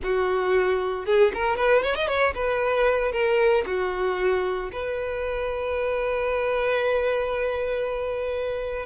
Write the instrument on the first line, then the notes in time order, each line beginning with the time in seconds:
violin
0.03 F#4
1.05 G#4
1.34 A#4
1.56 B4
1.82 C#5
1.95 D#5
2.07 C#5
2.35 B4
3.12 A#4
3.66 F#4
4.72 B4